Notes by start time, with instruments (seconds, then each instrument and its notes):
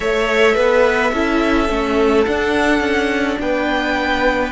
0.00 cello A3, viola A4, violin C#5 E5
0.54 cello B3, violin B4
1.12 cello C#4, viola E4, violin A4
1.68 cello A3, viola C#4
2.25 cello D4, viola D4, violin F#5
2.80 cello C#4
3.39 cello B3, violin B4 G5